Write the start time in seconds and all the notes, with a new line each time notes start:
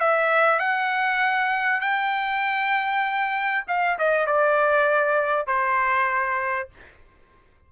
0.00 E5
0.59 F#5
1.81 G5
3.68 F5
3.99 D#5
4.26 D5
5.47 C5